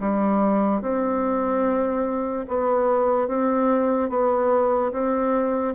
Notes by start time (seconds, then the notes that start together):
0.00 G3
0.81 C4
2.48 B3
3.28 C4
4.09 B3
4.92 C4